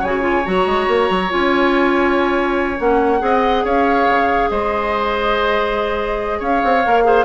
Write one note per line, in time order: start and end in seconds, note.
0.00 0.46 C#3
0.00 0.21 F#4
0.00 3.19 C#5
0.00 0.46 G#5
0.21 0.42 F4
0.45 0.66 F#3
0.45 1.29 F#4
0.45 1.31 A#5
0.66 0.87 G#3
0.88 1.09 A#3
1.10 1.31 F#3
1.29 2.80 C#4
1.29 2.78 F4
1.29 2.80 G#5
2.78 3.21 A#3
2.78 3.19 C#4
2.78 3.65 F#5
3.19 3.64 C4
3.19 6.80 G#4
3.19 3.64 D#5
3.64 4.07 C#4
3.64 4.49 C#5
3.64 4.50 F5
4.08 4.50 C#3
4.50 6.40 G#3
4.50 6.39 C5
4.50 6.41 D#5
6.39 6.62 C#4
6.39 7.03 C#5
6.39 7.25 F5
6.64 6.85 C4
6.85 7.25 A#3
6.85 7.04 A#4
7.04 7.25 G#4
7.04 7.25 C5